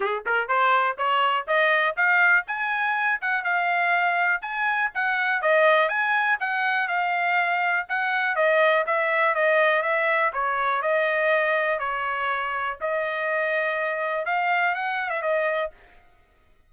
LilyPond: \new Staff \with { instrumentName = "trumpet" } { \time 4/4 \tempo 4 = 122 gis'8 ais'8 c''4 cis''4 dis''4 | f''4 gis''4. fis''8 f''4~ | f''4 gis''4 fis''4 dis''4 | gis''4 fis''4 f''2 |
fis''4 dis''4 e''4 dis''4 | e''4 cis''4 dis''2 | cis''2 dis''2~ | dis''4 f''4 fis''8. e''16 dis''4 | }